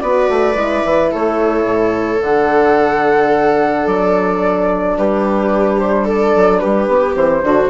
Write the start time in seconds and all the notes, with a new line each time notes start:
0.00 B3 F#4 B4 D5
0.29 A3
0.55 G#3 E4
0.85 E3
1.12 A3 A4 C#5
1.64 A2
2.21 D3 D4 F#5
3.87 F#3 D5
4.98 G3 G4 B4
5.79 C5
6.05 A4 D5
6.36 F#3
6.59 G3 G4 B4
6.88 B3
7.14 E3 C4 C5
7.42 D3 D4 F#4